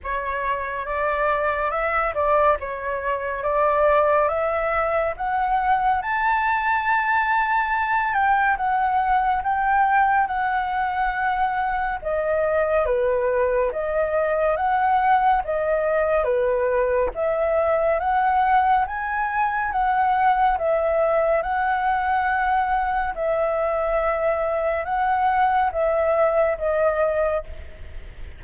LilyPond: \new Staff \with { instrumentName = "flute" } { \time 4/4 \tempo 4 = 70 cis''4 d''4 e''8 d''8 cis''4 | d''4 e''4 fis''4 a''4~ | a''4. g''8 fis''4 g''4 | fis''2 dis''4 b'4 |
dis''4 fis''4 dis''4 b'4 | e''4 fis''4 gis''4 fis''4 | e''4 fis''2 e''4~ | e''4 fis''4 e''4 dis''4 | }